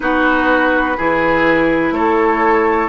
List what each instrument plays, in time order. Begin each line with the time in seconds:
0.00 bassoon B3, clarinet D#4, oboe F#4, flute B4
0.97 bassoon E3, clarinet E4, oboe G#4
1.91 bassoon A3, oboe A4, flute C#5